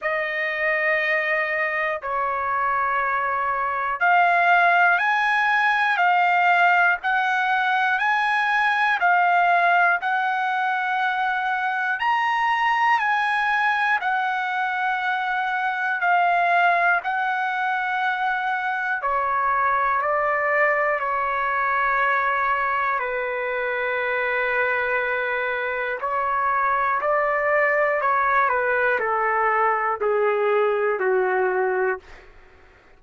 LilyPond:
\new Staff \with { instrumentName = "trumpet" } { \time 4/4 \tempo 4 = 60 dis''2 cis''2 | f''4 gis''4 f''4 fis''4 | gis''4 f''4 fis''2 | ais''4 gis''4 fis''2 |
f''4 fis''2 cis''4 | d''4 cis''2 b'4~ | b'2 cis''4 d''4 | cis''8 b'8 a'4 gis'4 fis'4 | }